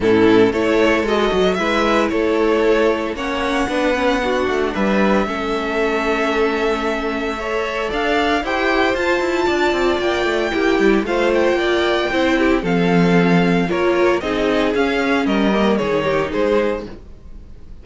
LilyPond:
<<
  \new Staff \with { instrumentName = "violin" } { \time 4/4 \tempo 4 = 114 a'4 cis''4 dis''4 e''4 | cis''2 fis''2~ | fis''4 e''2.~ | e''2. f''4 |
g''4 a''2 g''4~ | g''4 f''8 g''2~ g''8 | f''2 cis''4 dis''4 | f''4 dis''4 cis''4 c''4 | }
  \new Staff \with { instrumentName = "violin" } { \time 4/4 e'4 a'2 b'4 | a'2 cis''4 b'4 | fis'4 b'4 a'2~ | a'2 cis''4 d''4 |
c''2 d''2 | g'4 c''4 d''4 c''8 g'8 | a'2 ais'4 gis'4~ | gis'4 ais'4 gis'8 g'8 gis'4 | }
  \new Staff \with { instrumentName = "viola" } { \time 4/4 cis'4 e'4 fis'4 e'4~ | e'2 cis'4 d'8 cis'8 | d'2 cis'2~ | cis'2 a'2 |
g'4 f'2. | e'4 f'2 e'4 | c'2 f'4 dis'4 | cis'4. ais8 dis'2 | }
  \new Staff \with { instrumentName = "cello" } { \time 4/4 a,4 a4 gis8 fis8 gis4 | a2 ais4 b4~ | b8 a8 g4 a2~ | a2. d'4 |
e'4 f'8 e'8 d'8 c'8 ais8 a8 | ais8 g8 a4 ais4 c'4 | f2 ais4 c'4 | cis'4 g4 dis4 gis4 | }
>>